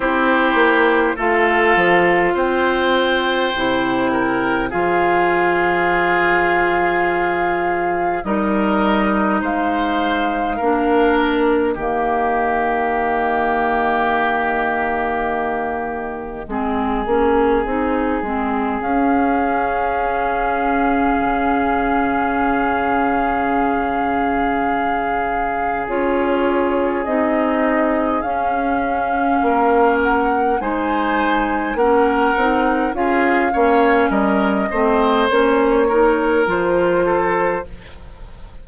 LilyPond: <<
  \new Staff \with { instrumentName = "flute" } { \time 4/4 \tempo 4 = 51 c''4 f''4 g''2 | f''2. dis''4 | f''4. dis''2~ dis''8~ | dis''1 |
f''1~ | f''2 cis''4 dis''4 | f''4. fis''8 gis''4 fis''4 | f''4 dis''4 cis''4 c''4 | }
  \new Staff \with { instrumentName = "oboe" } { \time 4/4 g'4 a'4 c''4. ais'8 | gis'2. ais'4 | c''4 ais'4 g'2~ | g'2 gis'2~ |
gis'1~ | gis'1~ | gis'4 ais'4 c''4 ais'4 | gis'8 cis''8 ais'8 c''4 ais'4 a'8 | }
  \new Staff \with { instrumentName = "clarinet" } { \time 4/4 e'4 f'2 e'4 | f'2. dis'4~ | dis'4 d'4 ais2~ | ais2 c'8 cis'8 dis'8 c'8 |
cis'1~ | cis'2 f'4 dis'4 | cis'2 dis'4 cis'8 dis'8 | f'8 cis'4 c'8 cis'8 dis'8 f'4 | }
  \new Staff \with { instrumentName = "bassoon" } { \time 4/4 c'8 ais8 a8 f8 c'4 c4 | f2. g4 | gis4 ais4 dis2~ | dis2 gis8 ais8 c'8 gis8 |
cis'2 cis2~ | cis2 cis'4 c'4 | cis'4 ais4 gis4 ais8 c'8 | cis'8 ais8 g8 a8 ais4 f4 | }
>>